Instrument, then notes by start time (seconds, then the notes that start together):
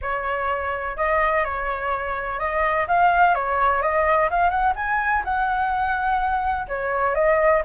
flute
0.01 C#5
0.96 D#5
1.44 C#5
2.39 D#5
2.87 F5
3.34 C#5
3.82 D#5
4.30 F5
4.50 F#5
4.75 G#5
5.24 F#5
6.68 C#5
7.14 D#5